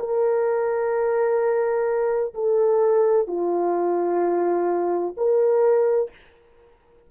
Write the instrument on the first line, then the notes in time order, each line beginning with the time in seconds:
horn
0.00 A#4
2.35 A4
3.28 F4
5.17 A#4